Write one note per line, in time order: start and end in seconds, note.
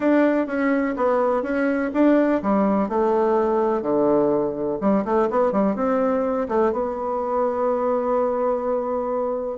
0.00 0.47 D4
0.47 0.95 C#4
0.96 1.42 B3
1.42 1.90 C#4
1.93 2.41 D4
2.42 2.88 G3
2.88 3.82 A3
3.82 4.78 D3
4.80 5.04 G3
5.04 5.28 A3
5.30 5.52 B3
5.52 5.75 G3
5.75 6.47 C4
6.48 6.72 A3
6.72 9.58 B3